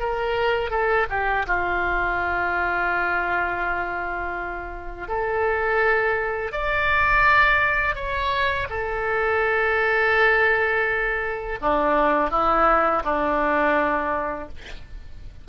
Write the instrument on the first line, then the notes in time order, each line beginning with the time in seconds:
oboe
0.00 A#4
0.71 A4
1.10 G4
1.47 F4
5.08 A4
6.52 D5
7.95 C#5
8.69 A4
11.61 D4
12.31 E4
13.04 D4